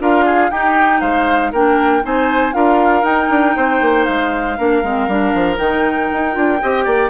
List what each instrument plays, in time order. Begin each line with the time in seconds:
0.00 bassoon D4, clarinet F4, oboe A#4, flute F5
0.25 oboe G#4
0.51 bassoon D#4, clarinet D#4, oboe G4, flute G5
1.01 bassoon G#3, oboe C5, flute F5
1.52 bassoon A#3, clarinet D4, oboe A#4, flute G5
2.03 bassoon C4, clarinet D#4, oboe C5, flute G#5
2.53 bassoon D4, clarinet F4, oboe A#4, flute F5
3.03 bassoon D#4, clarinet D#4, flute G5
3.30 bassoon D4
3.57 bassoon C4, oboe C5
3.81 bassoon A#3
4.05 bassoon G#3, flute F5
4.58 bassoon A#3, clarinet D4, oboe A#4
4.83 bassoon G#3, clarinet C4
5.08 bassoon G3, clarinet D4
5.34 bassoon F3
5.56 bassoon D#3, clarinet D#4, flute G5
6.13 bassoon D#4
6.33 bassoon D4, clarinet F4
6.62 bassoon C4, clarinet G4, oboe D#5
6.85 bassoon A#3, oboe D5